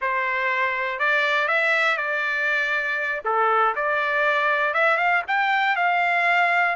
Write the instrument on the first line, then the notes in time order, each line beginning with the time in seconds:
trumpet
0.01 C5
0.99 D5
1.47 E5
1.97 D5
3.25 A4
3.75 D5
4.74 E5
4.97 F5
5.27 G5
5.76 F5